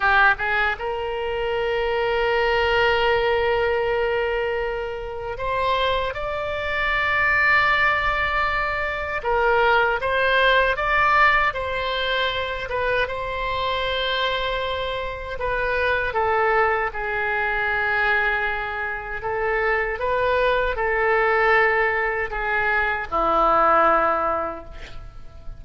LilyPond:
\new Staff \with { instrumentName = "oboe" } { \time 4/4 \tempo 4 = 78 g'8 gis'8 ais'2.~ | ais'2. c''4 | d''1 | ais'4 c''4 d''4 c''4~ |
c''8 b'8 c''2. | b'4 a'4 gis'2~ | gis'4 a'4 b'4 a'4~ | a'4 gis'4 e'2 | }